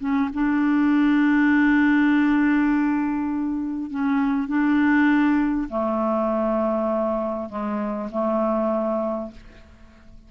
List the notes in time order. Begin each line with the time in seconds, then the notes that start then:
0.00 C#4
0.34 D4
3.91 C#4
4.48 D4
5.69 A3
7.49 G#3
8.11 A3